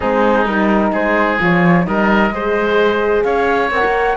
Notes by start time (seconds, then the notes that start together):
0.00 G#3 C4 D#4 G#4
0.45 G3 D#4 A#4
0.92 G#3 G#4 C5
1.39 F3 F4 C#5
1.83 G3 D#4 A#4 D#5
2.30 G#3 G#4 C5
3.23 C#4 C#5 F5
3.71 C4 A#4 F#5
3.84 A#3